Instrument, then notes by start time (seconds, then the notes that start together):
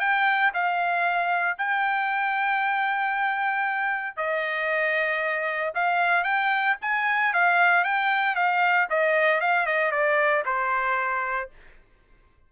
trumpet
0.00 G5
0.54 F5
1.58 G5
4.17 D#5
5.75 F5
6.24 G5
6.82 G#5
7.34 F5
7.85 G5
8.36 F5
8.90 D#5
9.41 F5
9.67 D#5
9.92 D5
10.46 C5